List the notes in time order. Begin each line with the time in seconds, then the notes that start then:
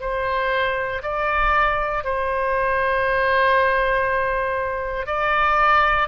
0.00 C5
1.02 D5
2.04 C5
5.06 D5